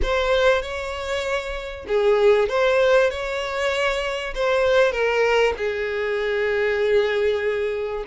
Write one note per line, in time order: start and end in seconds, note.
0.02 0.62 C5
0.62 1.85 C#5
1.87 2.49 G#4
2.49 3.10 C5
3.10 4.34 C#5
4.34 4.91 C5
4.91 5.53 A#4
5.57 8.04 G#4